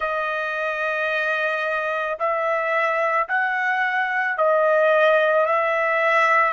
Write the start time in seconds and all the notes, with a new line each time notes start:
0.00 D#5
2.19 E5
3.28 F#5
4.37 D#5
5.45 E5